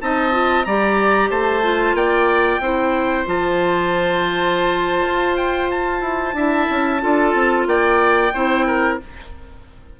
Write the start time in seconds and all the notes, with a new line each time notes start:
0.00 C4 D#4 D#5 A5
0.31 F4
0.64 G3 G4 D5 A#5
1.30 A3 C5 A5
1.62 F4
1.93 A#3 D5 G5
2.60 C4 E4 C5
3.25 F3 F4 A5
5.06 F4
5.36 G5
5.71 A5
6.01 E4
6.33 D4 E4 E5
6.70 C#4
7.00 D4 F4 A4
7.34 C4
7.66 A#3 D5 G5
8.33 C4 E4 C5
8.66 A#4